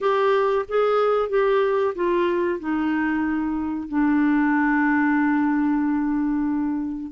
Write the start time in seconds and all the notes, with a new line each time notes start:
0.00 G4
0.68 G#4
1.29 G4
1.95 F4
2.59 D#4
3.88 D4